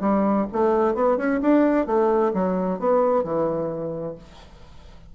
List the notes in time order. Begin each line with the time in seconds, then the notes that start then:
0.00 G3
0.52 A3
0.94 B3
1.17 C#4
1.41 D4
1.86 A3
2.33 F#3
2.79 B3
3.23 E3